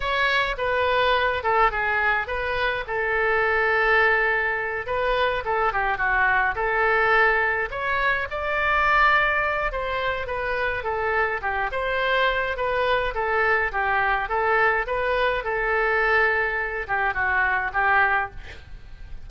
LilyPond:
\new Staff \with { instrumentName = "oboe" } { \time 4/4 \tempo 4 = 105 cis''4 b'4. a'8 gis'4 | b'4 a'2.~ | a'8 b'4 a'8 g'8 fis'4 a'8~ | a'4. cis''4 d''4.~ |
d''4 c''4 b'4 a'4 | g'8 c''4. b'4 a'4 | g'4 a'4 b'4 a'4~ | a'4. g'8 fis'4 g'4 | }